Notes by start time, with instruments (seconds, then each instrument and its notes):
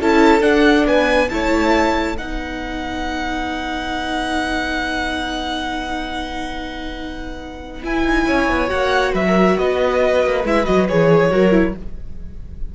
0.00 cello C#4, viola E4, violin A4 A5
0.41 cello D4, viola D4, violin F#5
0.86 cello B3, violin B4 G#5
1.29 cello A3, viola E4, violin C#5 A5
2.18 cello B3, viola D#4, violin B4 F#5
7.83 viola E4, cello E4, violin G#5
8.04 cello D#4
8.26 cello C#4, violin C#5
8.49 cello B3
8.68 cello A#3, viola F#4, violin F#5
9.13 cello F#3, violin B4 E5
9.27 violin A#4
9.58 cello B3, violin B4 D#5
10.25 cello A#3
10.44 cello G#3, viola E4, violin E5
10.65 cello F#3, viola F#4, violin D#5
10.88 cello E3, viola G#4, violin C#5
11.31 cello F#3, viola F#4, violin A#4
11.51 viola E4